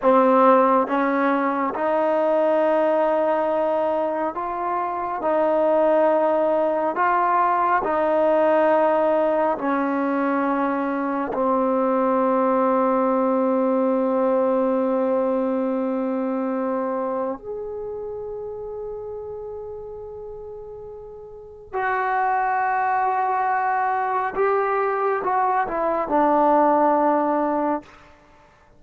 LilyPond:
\new Staff \with { instrumentName = "trombone" } { \time 4/4 \tempo 4 = 69 c'4 cis'4 dis'2~ | dis'4 f'4 dis'2 | f'4 dis'2 cis'4~ | cis'4 c'2.~ |
c'1 | gis'1~ | gis'4 fis'2. | g'4 fis'8 e'8 d'2 | }